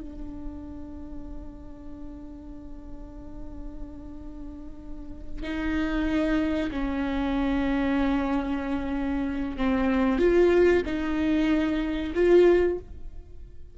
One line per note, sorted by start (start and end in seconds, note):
0.00 5.43 D4
5.43 6.70 D#4
6.71 9.57 C#4
9.57 10.18 C4
10.18 10.82 F4
10.85 12.13 D#4
12.14 12.78 F4